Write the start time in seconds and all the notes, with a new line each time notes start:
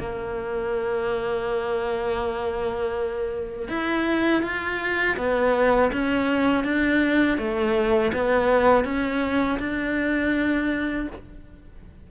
0.00 A#3
3.69 E4
4.42 F4
5.17 B3
5.93 C#4
6.65 D4
7.38 A3
8.13 B3
8.85 C#4
9.60 D4